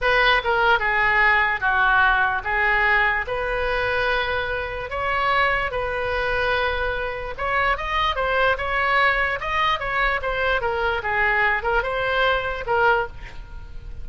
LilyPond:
\new Staff \with { instrumentName = "oboe" } { \time 4/4 \tempo 4 = 147 b'4 ais'4 gis'2 | fis'2 gis'2 | b'1 | cis''2 b'2~ |
b'2 cis''4 dis''4 | c''4 cis''2 dis''4 | cis''4 c''4 ais'4 gis'4~ | gis'8 ais'8 c''2 ais'4 | }